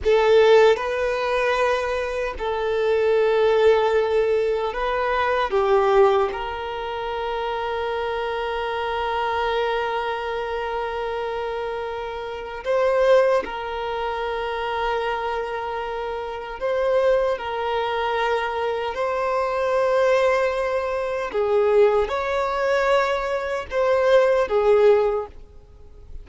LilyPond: \new Staff \with { instrumentName = "violin" } { \time 4/4 \tempo 4 = 76 a'4 b'2 a'4~ | a'2 b'4 g'4 | ais'1~ | ais'1 |
c''4 ais'2.~ | ais'4 c''4 ais'2 | c''2. gis'4 | cis''2 c''4 gis'4 | }